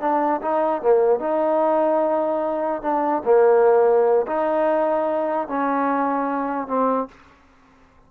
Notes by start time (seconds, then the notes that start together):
0.00 D4
0.41 D#4
0.82 A#3
1.20 D#4
2.82 D4
3.25 A#3
4.27 D#4
5.48 C#4
6.67 C4